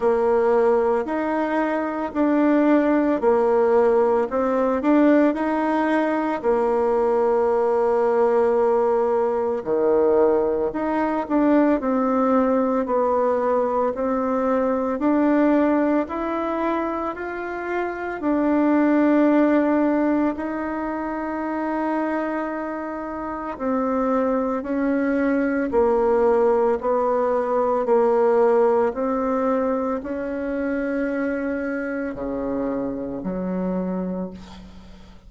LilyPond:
\new Staff \with { instrumentName = "bassoon" } { \time 4/4 \tempo 4 = 56 ais4 dis'4 d'4 ais4 | c'8 d'8 dis'4 ais2~ | ais4 dis4 dis'8 d'8 c'4 | b4 c'4 d'4 e'4 |
f'4 d'2 dis'4~ | dis'2 c'4 cis'4 | ais4 b4 ais4 c'4 | cis'2 cis4 fis4 | }